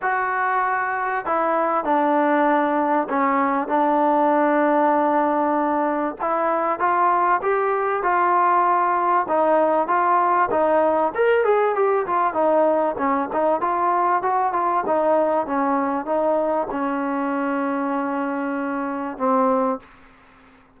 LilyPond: \new Staff \with { instrumentName = "trombone" } { \time 4/4 \tempo 4 = 97 fis'2 e'4 d'4~ | d'4 cis'4 d'2~ | d'2 e'4 f'4 | g'4 f'2 dis'4 |
f'4 dis'4 ais'8 gis'8 g'8 f'8 | dis'4 cis'8 dis'8 f'4 fis'8 f'8 | dis'4 cis'4 dis'4 cis'4~ | cis'2. c'4 | }